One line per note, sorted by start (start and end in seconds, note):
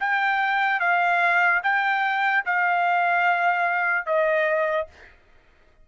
0.00 0.80 G5
0.80 1.61 F5
1.63 2.44 G5
2.45 4.06 F5
4.06 4.87 D#5